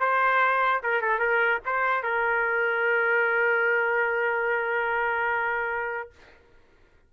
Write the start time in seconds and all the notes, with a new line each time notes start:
0.00 C5
0.83 A#4
1.01 A4
1.19 A#4
1.65 C5
2.03 A#4